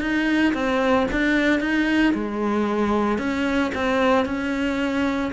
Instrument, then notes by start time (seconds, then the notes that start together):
cello
0.00 D#4
0.54 C4
1.11 D4
1.60 D#4
2.14 G#3
3.18 C#4
3.74 C4
4.25 C#4